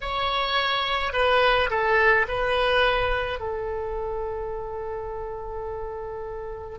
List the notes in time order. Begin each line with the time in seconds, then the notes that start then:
0.01 C#5
1.13 B4
1.70 A4
2.27 B4
3.40 A4